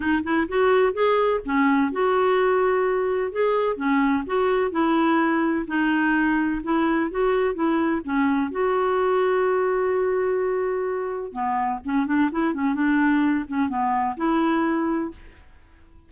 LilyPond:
\new Staff \with { instrumentName = "clarinet" } { \time 4/4 \tempo 4 = 127 dis'8 e'8 fis'4 gis'4 cis'4 | fis'2. gis'4 | cis'4 fis'4 e'2 | dis'2 e'4 fis'4 |
e'4 cis'4 fis'2~ | fis'1 | b4 cis'8 d'8 e'8 cis'8 d'4~ | d'8 cis'8 b4 e'2 | }